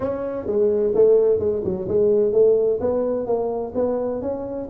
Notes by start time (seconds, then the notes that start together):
0.00 C#4
0.46 G#3
0.94 A3
1.39 G#3
1.64 F#3
1.87 G#3
2.32 A3
2.80 B3
3.26 A#3
3.74 B3
4.21 C#4